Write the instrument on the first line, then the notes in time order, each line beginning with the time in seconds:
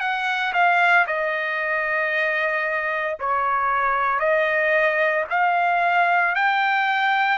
trumpet
0.00 F#5
0.53 F5
1.07 D#5
3.20 C#5
4.20 D#5
5.30 F5
6.35 G5